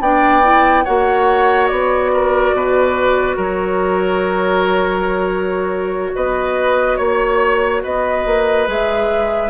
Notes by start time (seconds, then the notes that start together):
0.00 B3 D4 D5 G5
0.43 E4
0.85 A#3 F#4 C#5 F#5
1.67 B3 D5
2.13 A#4
2.53 B2 B4
3.37 F#3 A#4 C#5
6.15 B3 B4 D#5
6.97 A#3 C#5
7.83 B3 B4 D#5
8.26 A#3
8.67 G#3 G#4 E5